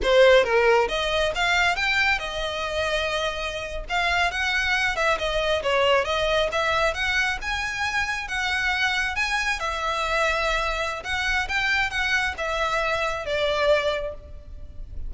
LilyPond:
\new Staff \with { instrumentName = "violin" } { \time 4/4 \tempo 4 = 136 c''4 ais'4 dis''4 f''4 | g''4 dis''2.~ | dis''8. f''4 fis''4. e''8 dis''16~ | dis''8. cis''4 dis''4 e''4 fis''16~ |
fis''8. gis''2 fis''4~ fis''16~ | fis''8. gis''4 e''2~ e''16~ | e''4 fis''4 g''4 fis''4 | e''2 d''2 | }